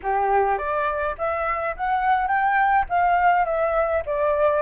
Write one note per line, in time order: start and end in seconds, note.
0.02 0.58 G4
0.58 1.15 D5
1.17 1.75 E5
1.76 2.27 F#5
2.27 2.85 G5
2.89 3.45 F5
3.45 4.03 E5
4.05 4.62 D5